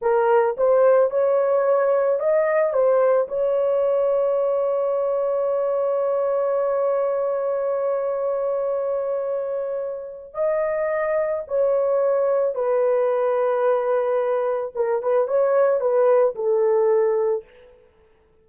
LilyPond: \new Staff \with { instrumentName = "horn" } { \time 4/4 \tempo 4 = 110 ais'4 c''4 cis''2 | dis''4 c''4 cis''2~ | cis''1~ | cis''1~ |
cis''2. dis''4~ | dis''4 cis''2 b'4~ | b'2. ais'8 b'8 | cis''4 b'4 a'2 | }